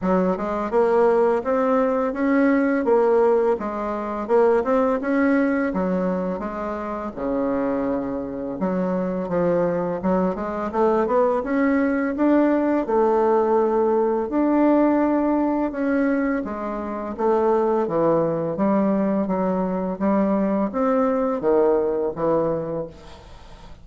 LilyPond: \new Staff \with { instrumentName = "bassoon" } { \time 4/4 \tempo 4 = 84 fis8 gis8 ais4 c'4 cis'4 | ais4 gis4 ais8 c'8 cis'4 | fis4 gis4 cis2 | fis4 f4 fis8 gis8 a8 b8 |
cis'4 d'4 a2 | d'2 cis'4 gis4 | a4 e4 g4 fis4 | g4 c'4 dis4 e4 | }